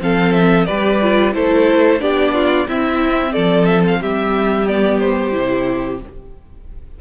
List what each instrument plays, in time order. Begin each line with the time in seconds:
0.00 cello F3, viola C4, violin A4 F5
0.33 violin E5
0.66 cello G3, viola G4, violin B4 D5
1.03 viola F4
1.33 cello A3, viola E4, violin A4 C5
2.00 cello B3, viola D4, violin G4 D5
2.35 violin F4
2.68 cello C4, viola C4, violin E4 E5
3.33 cello F3, violin A4 D5
3.65 violin E5
3.87 violin F5
4.01 cello G3, violin G4 E5
4.68 viola B3, violin D5
5.00 violin C5
5.32 cello C3, viola E4